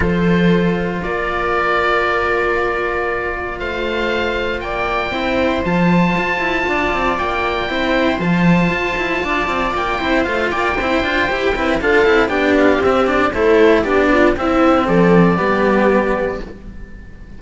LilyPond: <<
  \new Staff \with { instrumentName = "oboe" } { \time 4/4 \tempo 4 = 117 c''2 d''2~ | d''2. f''4~ | f''4 g''2 a''4~ | a''2 g''2 |
a''2. g''4 | f''8 g''2~ g''8 f''4 | g''8 f''8 e''8 d''8 c''4 d''4 | e''4 d''2. | }
  \new Staff \with { instrumentName = "viola" } { \time 4/4 a'2 ais'2~ | ais'2. c''4~ | c''4 d''4 c''2~ | c''4 d''2 c''4~ |
c''2 d''4. c''8~ | c''8 d''8 c''4. b'8 a'4 | g'2 a'4 g'8 f'8 | e'4 a'4 g'2 | }
  \new Staff \with { instrumentName = "cello" } { \time 4/4 f'1~ | f'1~ | f'2 e'4 f'4~ | f'2. e'4 |
f'2.~ f'8 e'8 | f'4 e'8 f'8 g'8 e'8 f'8 e'8 | d'4 c'8 d'8 e'4 d'4 | c'2 b2 | }
  \new Staff \with { instrumentName = "cello" } { \time 4/4 f2 ais2~ | ais2. a4~ | a4 ais4 c'4 f4 | f'8 e'8 d'8 c'8 ais4 c'4 |
f4 f'8 e'8 d'8 c'8 ais8 c'8 | a8 ais8 c'8 d'8 e'8 c'8 d'8 c'8 | b4 c'4 a4 b4 | c'4 f4 g2 | }
>>